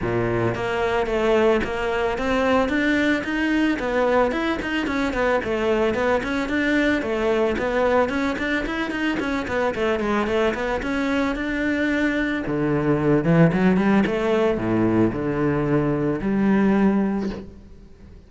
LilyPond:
\new Staff \with { instrumentName = "cello" } { \time 4/4 \tempo 4 = 111 ais,4 ais4 a4 ais4 | c'4 d'4 dis'4 b4 | e'8 dis'8 cis'8 b8 a4 b8 cis'8 | d'4 a4 b4 cis'8 d'8 |
e'8 dis'8 cis'8 b8 a8 gis8 a8 b8 | cis'4 d'2 d4~ | d8 e8 fis8 g8 a4 a,4 | d2 g2 | }